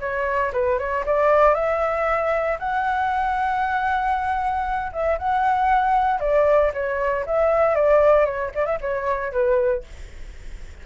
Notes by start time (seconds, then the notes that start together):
0.00 C#5
0.53 B4
0.79 C#5
1.06 D5
1.55 E5
2.59 F#5
4.92 E5
5.19 F#5
6.20 D5
6.74 C#5
7.26 E5
7.75 D5
8.25 C#5
8.55 D5
8.66 E5
8.81 C#5
9.32 B4